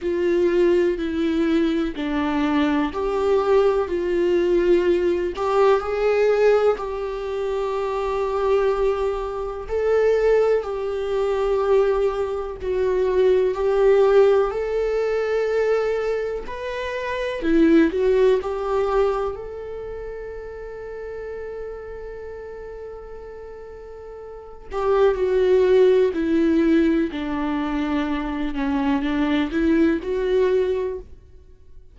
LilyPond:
\new Staff \with { instrumentName = "viola" } { \time 4/4 \tempo 4 = 62 f'4 e'4 d'4 g'4 | f'4. g'8 gis'4 g'4~ | g'2 a'4 g'4~ | g'4 fis'4 g'4 a'4~ |
a'4 b'4 e'8 fis'8 g'4 | a'1~ | a'4. g'8 fis'4 e'4 | d'4. cis'8 d'8 e'8 fis'4 | }